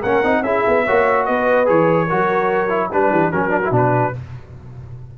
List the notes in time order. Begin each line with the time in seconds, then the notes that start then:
0.00 A#3 C#4 A#4 F#5
0.24 C4 D#4
0.42 C#4 E4 G#4 E5
0.67 B3
0.85 A#3 F#4 C#5
1.26 B3 B4 D#5
1.66 E3 G#4 C#5
2.07 F#3 F#4 A#4
2.69 E4
2.92 G3 D4 B4
3.11 E3 G4
3.32 F#3 C#4 F#4 A#4
3.50 D4
3.65 B2 E4
3.72 D4 B4